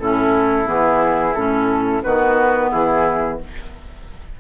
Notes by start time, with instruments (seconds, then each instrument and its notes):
0.00 bassoon A2, clarinet C#4, oboe E4, flute A4
0.66 bassoon E3, clarinet B3, flute G#4
1.35 bassoon A2, clarinet C#4, flute A4
2.04 bassoon D#3, clarinet B3, oboe F#4, flute B4
2.71 bassoon E3, oboe E4, flute G#4